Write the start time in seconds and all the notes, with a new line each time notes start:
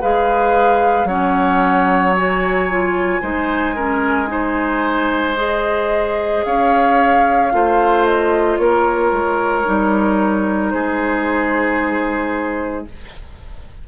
0.00 G#3 G#4 B4 F5
1.04 F#3 C#4 C#5 F#5
2.16 F#4 G#5
2.70 F4
3.21 G#3 D#4 C5
3.75 C#4 A#4
4.27 D#4 C5
5.35 G#4 D#5
6.44 C#4 C#5 F5
7.51 A3 F4 C5
8.04 D#5
8.58 A#3 A#4 C#5
9.11 G#3
9.64 G3 D#4
10.70 G#3 G#4 C5